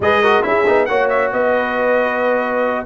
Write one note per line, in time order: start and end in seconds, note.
0.00 0.43 G#3
0.00 0.23 G#4
0.00 0.22 B4
0.00 0.43 D#5
0.22 0.42 F#4
0.22 0.44 A#4
0.42 0.66 C#4
0.42 0.64 E4
0.42 0.88 G#4
0.42 0.85 E5
0.66 0.88 B3
0.66 0.88 D#4
0.85 1.32 A#3
0.85 2.86 F#4
0.85 1.32 C#5
0.85 1.07 F#5
1.09 1.31 E5
1.32 2.86 B3
1.32 2.86 B4
1.32 2.86 D#5